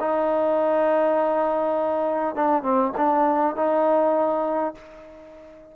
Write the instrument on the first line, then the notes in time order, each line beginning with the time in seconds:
trombone
0.00 D#4
2.35 D4
2.63 C4
2.97 D4
3.56 D#4